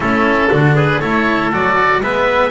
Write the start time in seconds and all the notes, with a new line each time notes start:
0.00 A3 C#4 E4 A4
0.50 D3 D4 F#4
0.75 G#4 B4
1.00 A3 E4 A4 C#5
1.52 F#3 F#4 D5
2.01 G#3 B3 B4 E5